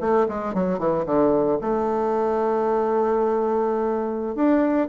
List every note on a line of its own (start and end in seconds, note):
0.00 0.26 A3
0.28 0.54 G#3
0.54 0.78 F#3
0.78 1.05 E3
1.05 1.58 D3
1.61 4.35 A3
4.35 4.88 D4